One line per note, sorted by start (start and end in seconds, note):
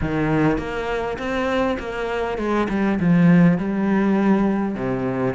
0.01 0.58 D#3
0.58 1.17 A#3
1.18 1.77 C4
1.79 2.38 A#3
2.38 2.67 G#3
2.69 2.99 G3
2.99 3.58 F3
3.58 4.75 G3
4.75 5.34 C3